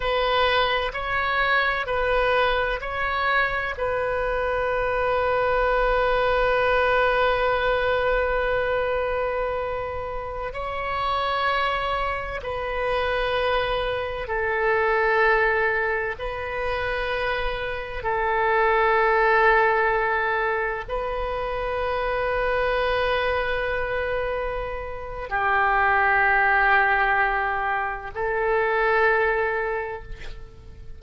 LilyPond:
\new Staff \with { instrumentName = "oboe" } { \time 4/4 \tempo 4 = 64 b'4 cis''4 b'4 cis''4 | b'1~ | b'2.~ b'16 cis''8.~ | cis''4~ cis''16 b'2 a'8.~ |
a'4~ a'16 b'2 a'8.~ | a'2~ a'16 b'4.~ b'16~ | b'2. g'4~ | g'2 a'2 | }